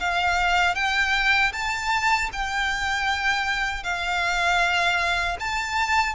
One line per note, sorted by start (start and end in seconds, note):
0.00 0.75 F5
0.75 1.52 G5
1.53 2.30 A5
2.33 3.83 G5
3.83 5.37 F5
5.40 6.15 A5